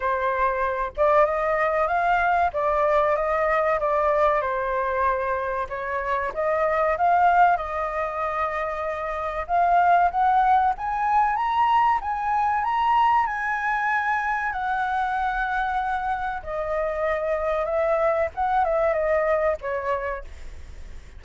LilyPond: \new Staff \with { instrumentName = "flute" } { \time 4/4 \tempo 4 = 95 c''4. d''8 dis''4 f''4 | d''4 dis''4 d''4 c''4~ | c''4 cis''4 dis''4 f''4 | dis''2. f''4 |
fis''4 gis''4 ais''4 gis''4 | ais''4 gis''2 fis''4~ | fis''2 dis''2 | e''4 fis''8 e''8 dis''4 cis''4 | }